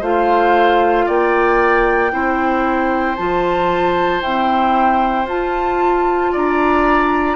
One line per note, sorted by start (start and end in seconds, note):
0.00 1.07 A3
0.00 2.11 F4
0.00 1.05 C5
0.00 1.08 F5
1.06 2.12 A#3
1.06 2.11 D5
1.06 3.16 G5
2.11 3.18 C4
2.11 3.16 E4
2.11 6.32 C5
3.16 4.21 F3
3.16 4.23 F4
3.16 4.21 A5
4.21 5.29 C4
4.21 5.25 E4
4.21 5.27 G5
5.25 6.30 F4
5.25 7.36 F4
5.25 6.34 A5
6.32 7.36 D4
6.32 7.36 D5
6.32 7.36 A#5